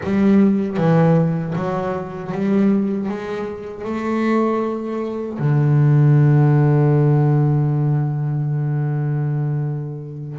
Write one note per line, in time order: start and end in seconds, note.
0.03 0.77 G3
0.77 1.54 E3
1.55 2.31 F#3
2.31 3.08 G3
3.08 3.84 G#3
3.84 5.38 A3
5.38 10.38 D3